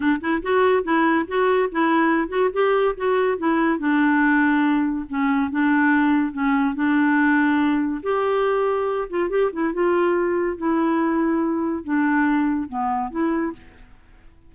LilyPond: \new Staff \with { instrumentName = "clarinet" } { \time 4/4 \tempo 4 = 142 d'8 e'8 fis'4 e'4 fis'4 | e'4. fis'8 g'4 fis'4 | e'4 d'2. | cis'4 d'2 cis'4 |
d'2. g'4~ | g'4. f'8 g'8 e'8 f'4~ | f'4 e'2. | d'2 b4 e'4 | }